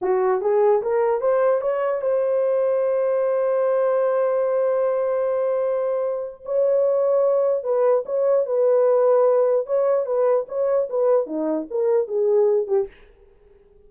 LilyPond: \new Staff \with { instrumentName = "horn" } { \time 4/4 \tempo 4 = 149 fis'4 gis'4 ais'4 c''4 | cis''4 c''2.~ | c''1~ | c''1 |
cis''2. b'4 | cis''4 b'2. | cis''4 b'4 cis''4 b'4 | dis'4 ais'4 gis'4. g'8 | }